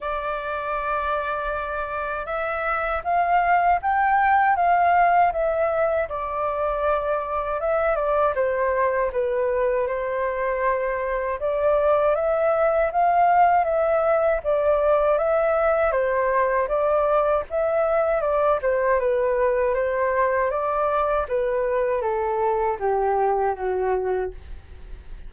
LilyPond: \new Staff \with { instrumentName = "flute" } { \time 4/4 \tempo 4 = 79 d''2. e''4 | f''4 g''4 f''4 e''4 | d''2 e''8 d''8 c''4 | b'4 c''2 d''4 |
e''4 f''4 e''4 d''4 | e''4 c''4 d''4 e''4 | d''8 c''8 b'4 c''4 d''4 | b'4 a'4 g'4 fis'4 | }